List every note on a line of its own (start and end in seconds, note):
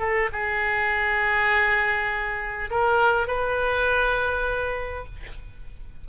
0.00 0.30 A4
0.33 2.71 G#4
2.71 3.28 A#4
3.28 5.06 B4